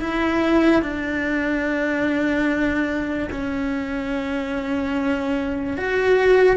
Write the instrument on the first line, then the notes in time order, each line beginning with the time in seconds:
cello
0.00 E4
0.82 D4
3.31 C#4
5.77 F#4